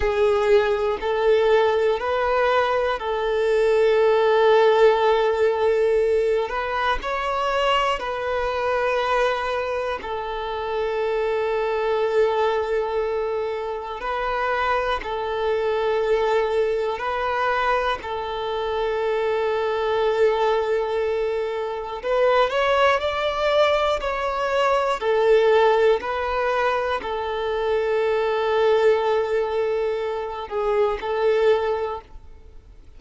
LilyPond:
\new Staff \with { instrumentName = "violin" } { \time 4/4 \tempo 4 = 60 gis'4 a'4 b'4 a'4~ | a'2~ a'8 b'8 cis''4 | b'2 a'2~ | a'2 b'4 a'4~ |
a'4 b'4 a'2~ | a'2 b'8 cis''8 d''4 | cis''4 a'4 b'4 a'4~ | a'2~ a'8 gis'8 a'4 | }